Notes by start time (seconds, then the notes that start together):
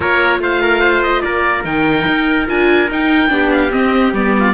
0.00 A#3 F4 A#4 C#5
0.39 A3 C5 F5
0.62 A#4
0.80 C5
1.03 D#5
1.21 A#3 A#4 D5
1.64 D#3 D#4 G5
2.06 D#4
2.47 D4 F4 G#5
2.90 D#4 G5
3.28 B3 D4 G4
3.52 F5
3.71 C4 D#5
4.12 G3 B3 D5
4.38 F4